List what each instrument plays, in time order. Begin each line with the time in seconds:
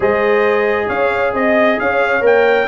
0.00 tuba G#3, trombone G#4, horn C5, trumpet D#5
0.87 tuba C#4, horn C#5, trumpet F5
1.33 tuba C4, horn D#5, trumpet D#5
1.79 tuba C#4, horn C#5, trumpet F5
2.21 tuba A#3, trombone A#4, trumpet G5